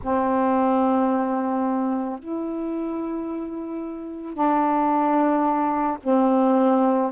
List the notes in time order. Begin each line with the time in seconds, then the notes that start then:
0.02 C4
2.19 E4
4.33 D4
6.03 C4